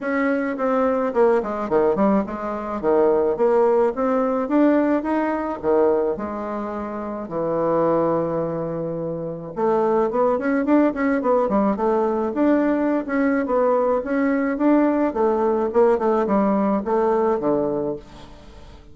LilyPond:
\new Staff \with { instrumentName = "bassoon" } { \time 4/4 \tempo 4 = 107 cis'4 c'4 ais8 gis8 dis8 g8 | gis4 dis4 ais4 c'4 | d'4 dis'4 dis4 gis4~ | gis4 e2.~ |
e4 a4 b8 cis'8 d'8 cis'8 | b8 g8 a4 d'4~ d'16 cis'8. | b4 cis'4 d'4 a4 | ais8 a8 g4 a4 d4 | }